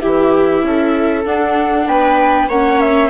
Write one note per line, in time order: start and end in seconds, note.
0.00 0.63 E3
0.00 1.25 E4
0.00 0.63 G4
0.00 1.24 E5
0.63 1.24 C#4
0.63 1.89 A4
1.25 2.49 D4
1.25 1.87 D4
1.25 1.87 F#5
1.87 2.49 B3
1.87 2.49 B4
1.87 2.49 G5
2.49 3.10 A#3
2.49 3.10 C#4
2.49 3.10 C#5
2.49 2.81 F#5
2.81 3.10 E5